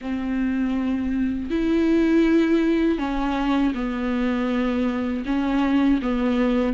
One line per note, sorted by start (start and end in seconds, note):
0.01 1.50 C4
1.50 2.98 E4
2.98 3.73 C#4
3.74 5.24 B3
5.25 6.00 C#4
6.01 6.73 B3